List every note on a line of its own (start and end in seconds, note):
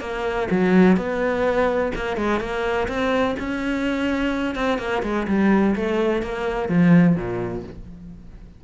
0.00 0.48 A#3
0.51 0.97 F#3
0.97 1.92 B3
1.95 2.17 A#3
2.17 2.40 G#3
2.40 2.87 A#3
2.88 3.35 C4
3.39 4.55 C#4
4.55 4.78 C4
4.78 5.02 A#3
5.03 5.27 G#3
5.27 5.75 G3
5.76 6.22 A3
6.22 6.69 A#3
6.69 7.16 F3
7.16 7.63 A#2